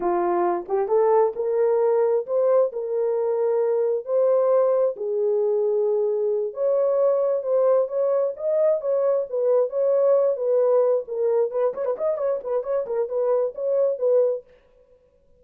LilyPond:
\new Staff \with { instrumentName = "horn" } { \time 4/4 \tempo 4 = 133 f'4. g'8 a'4 ais'4~ | ais'4 c''4 ais'2~ | ais'4 c''2 gis'4~ | gis'2~ gis'8 cis''4.~ |
cis''8 c''4 cis''4 dis''4 cis''8~ | cis''8 b'4 cis''4. b'4~ | b'8 ais'4 b'8 cis''16 b'16 dis''8 cis''8 b'8 | cis''8 ais'8 b'4 cis''4 b'4 | }